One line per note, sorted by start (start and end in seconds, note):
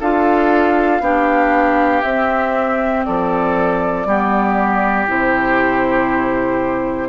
0.00 1.00 D4
0.00 1.01 F4
0.00 1.02 A4
0.00 2.02 F5
1.00 2.02 B3
1.00 2.03 D4
1.00 3.06 G4
2.02 3.06 C4
2.02 4.06 C4
2.02 3.04 E5
3.04 4.05 F3
3.04 4.07 A4
3.04 5.08 D5
4.05 5.07 G3
4.05 5.07 B3
4.05 7.08 G4
5.07 7.08 C3
5.07 7.08 E4
5.07 7.08 C5